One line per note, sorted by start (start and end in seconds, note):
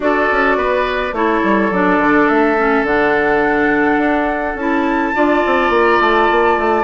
0.00 0.28 D4
0.00 1.11 F#4
0.00 0.57 A4
0.00 1.15 D5
0.31 0.56 C#4
0.56 1.12 B3
0.56 1.14 B4
1.12 1.41 A3
1.12 1.72 E4
1.12 5.15 A4
1.12 1.72 C#5
1.43 1.70 G3
1.70 1.98 F#3
1.70 2.57 D4
1.70 2.27 D5
1.98 2.27 D3
2.27 2.83 A3
2.27 2.85 E5
2.57 2.86 C#4
2.83 3.97 D3
2.83 4.57 D4
2.83 4.56 F#5
3.97 4.54 D4
4.55 5.12 C#4
4.55 5.14 E4
4.55 5.71 A5
5.14 5.44 D4
5.14 6.83 F4
5.14 6.83 D5
5.45 5.69 C4
5.69 5.98 A#3
5.69 6.00 A#5
6.00 6.28 A3
6.00 6.83 A5
6.31 6.57 A#3
6.57 6.83 A3